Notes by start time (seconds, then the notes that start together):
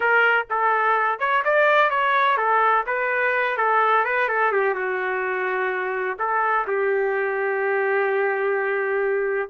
0.00 A#4
0.49 A4
1.19 C#5
1.44 D5
1.90 C#5
2.37 A4
2.86 B4
3.57 A4
4.04 B4
4.28 A4
4.52 G4
4.74 F#4
6.18 A4
6.67 G4